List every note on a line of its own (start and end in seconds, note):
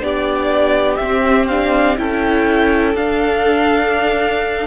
0.00 0.99 B3
0.00 0.98 D4
0.00 2.00 G4
0.00 0.96 D5
0.96 1.97 C4
0.96 1.45 E5
1.03 1.50 C4
1.48 1.97 D4
1.48 1.97 F5
1.97 2.94 C#4
1.97 2.95 E4
1.97 4.67 A4
1.97 2.96 G5
2.94 4.67 D4
2.94 4.67 F5